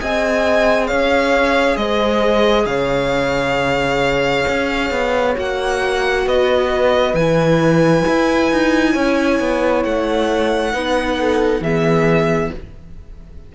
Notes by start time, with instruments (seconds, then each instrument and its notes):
0.00 cello C4, viola G#4, horn D#5, violin G#5
0.87 cello C#4, horn C#5, violin F5
1.77 cello G#3, horn C5, violin D#5
2.66 cello C#3, horn C#5, violin F5
4.48 cello C#4
4.91 cello B3
5.35 cello A#3, viola F#4, violin F#5
6.26 cello B3, horn B4, violin D#5
7.14 cello E3, viola E4, violin G#5
8.08 cello E4
8.52 cello D#4
8.93 cello C#4, horn C#5
9.40 cello B3
9.84 cello A3, violin F#5
10.73 cello B3, viola D#4, horn B4
11.20 horn A4
11.61 cello E3, viola B3, horn G#4, violin E5